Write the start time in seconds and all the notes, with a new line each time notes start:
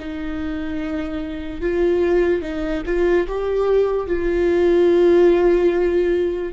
0.00 D#4
1.61 F4
2.42 D#4
2.87 F4
3.28 G4
4.08 F4